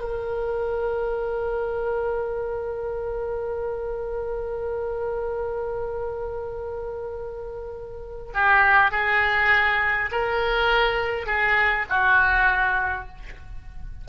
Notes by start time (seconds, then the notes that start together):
0.00 A#4
8.34 G4
8.91 G#4
10.12 A#4
11.26 G#4
11.89 F#4